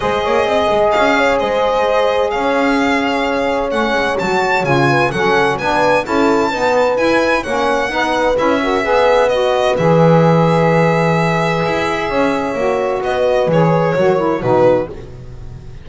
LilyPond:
<<
  \new Staff \with { instrumentName = "violin" } { \time 4/4 \tempo 4 = 129 dis''2 f''4 dis''4~ | dis''4 f''2. | fis''4 a''4 gis''4 fis''4 | gis''4 a''2 gis''4 |
fis''2 e''2 | dis''4 e''2.~ | e''1 | dis''4 cis''2 b'4 | }
  \new Staff \with { instrumentName = "horn" } { \time 4/4 c''8 cis''8 dis''4. cis''8 c''4~ | c''4 cis''2.~ | cis''2~ cis''8 b'8 a'4 | b'4 a'4 b'2 |
cis''4 b'4. ais'8 b'4~ | b'1~ | b'2 cis''2 | b'2 ais'4 fis'4 | }
  \new Staff \with { instrumentName = "saxophone" } { \time 4/4 gis'1~ | gis'1 | cis'4 fis'4 f'4 cis'4 | d'4 e'4 b4 e'4 |
cis'4 dis'4 e'8 fis'8 gis'4 | fis'4 gis'2.~ | gis'2. fis'4~ | fis'4 gis'4 fis'8 e'8 dis'4 | }
  \new Staff \with { instrumentName = "double bass" } { \time 4/4 gis8 ais8 c'8 gis8 cis'4 gis4~ | gis4 cis'2. | a8 gis8 fis4 cis4 fis4 | b4 cis'4 dis'4 e'4 |
ais4 b4 cis'4 b4~ | b4 e2.~ | e4 e'4 cis'4 ais4 | b4 e4 fis4 b,4 | }
>>